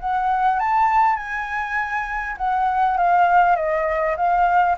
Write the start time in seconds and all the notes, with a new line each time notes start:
0.00 F#5
0.59 A5
1.16 G#5
2.37 F#5
2.97 F5
3.56 D#5
4.17 F5